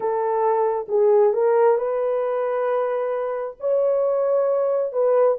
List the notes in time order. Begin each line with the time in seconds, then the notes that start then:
0.00 A4
0.88 G#4
1.33 A#4
1.77 B4
3.59 C#5
4.92 B4